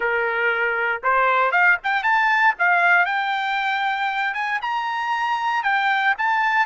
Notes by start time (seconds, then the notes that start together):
0.00 A#4
1.03 C5
1.51 F5
1.83 G5
2.03 A5
2.59 F5
3.05 G5
4.34 G#5
4.61 A#5
5.63 G5
6.17 A5